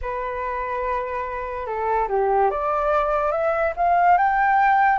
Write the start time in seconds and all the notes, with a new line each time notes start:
0.02 B4
1.66 A4
2.08 G4
2.50 D5
3.31 E5
3.76 F5
4.17 G5